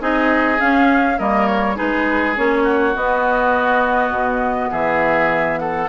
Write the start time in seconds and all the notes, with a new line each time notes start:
0.00 C4 D#4 G#4 D#5
0.60 C#4 F5
1.18 G3 A#3 A#4 D#5
1.47 C#5
1.76 G#3 D#4 G#4 B4
2.36 A#3 C#4 C#5
2.63 F#4
2.95 B3 D#5
4.10 B2
4.71 E3 G#4 E5
5.59 A4 F#5